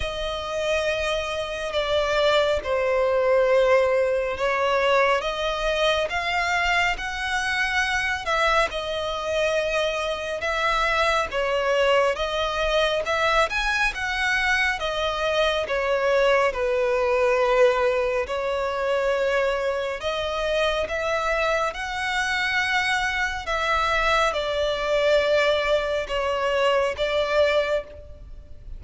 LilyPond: \new Staff \with { instrumentName = "violin" } { \time 4/4 \tempo 4 = 69 dis''2 d''4 c''4~ | c''4 cis''4 dis''4 f''4 | fis''4. e''8 dis''2 | e''4 cis''4 dis''4 e''8 gis''8 |
fis''4 dis''4 cis''4 b'4~ | b'4 cis''2 dis''4 | e''4 fis''2 e''4 | d''2 cis''4 d''4 | }